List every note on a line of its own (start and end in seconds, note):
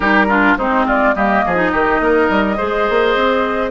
0.00 0.54 G3
0.00 0.27 D#4
0.00 0.26 G4
0.00 0.56 A#4
0.28 0.57 D4
0.28 0.57 F4
0.57 1.14 G#3
0.57 1.15 C4
0.57 0.86 D#4
0.57 0.85 C5
0.86 1.15 F4
0.86 1.15 D5
1.15 1.44 G3
1.15 1.55 A#3
1.15 1.44 G4
1.15 3.71 D#5
1.45 1.73 F3
1.45 1.72 G#4
1.55 2.55 D#4
1.72 2.00 D#3
1.72 2.00 G4
2.00 2.28 A#3
2.00 2.57 A#4
2.29 2.58 G3
2.57 2.89 G#3
2.57 3.71 G#4
2.57 3.71 C5
2.89 3.15 A#3
3.15 3.71 C4